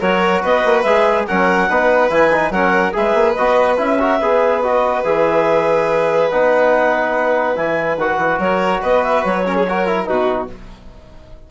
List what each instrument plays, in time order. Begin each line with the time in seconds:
0.00 bassoon F#3, trombone F#4, violin A#4, clarinet C#5
0.42 bassoon B3, violin B4, clarinet D#5
0.65 bassoon A#3
0.82 bassoon G#3, trombone G#4, clarinet E5
1.27 bassoon F#3, trombone C#4, violin A#4, clarinet F#5
1.69 bassoon B3, trombone D#4, violin B4
2.10 bassoon E3, trombone E4, clarinet G#5
2.32 trombone D#4
2.50 bassoon F#3, trombone C#4, violin A#4, clarinet F#5
2.93 bassoon G#3, trombone G#4, violin B4, clarinet E5
3.14 bassoon A#3
3.34 bassoon B3, trombone F#4, clarinet D#5
3.77 bassoon C#4, trombone E4, clarinet E5
4.00 trombone F#4, violin A#4
4.20 bassoon B3, trombone G#4, violin B4
4.62 trombone F#4, clarinet D#5
5.04 bassoon E3, trombone G#4, clarinet E5
6.30 bassoon B3, trombone D#4, clarinet F#5
7.56 bassoon E3, trombone E4, clarinet G#5
7.97 bassoon D#3, trombone F#4, clarinet F#5
8.18 bassoon E3
8.39 bassoon F#3, violin A#4, clarinet C#5
8.82 bassoon B3, violin B4, clarinet D#5
9.04 clarinet E5
9.24 bassoon F#3, clarinet C#5
9.45 trombone C#4, violin A#4
9.56 violin G#4
9.68 trombone F#4, violin A#4
9.87 trombone E4
10.05 bassoon B2, trombone D#4, violin F#4, clarinet B4